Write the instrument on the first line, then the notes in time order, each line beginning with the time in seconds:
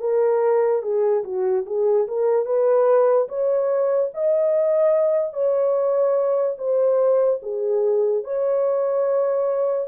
horn
0.00 A#4
0.83 G#4
1.24 F#4
1.66 G#4
2.08 A#4
2.45 B4
3.28 C#5
4.14 D#5
5.33 C#5
6.58 C5
7.42 G#4
8.24 C#5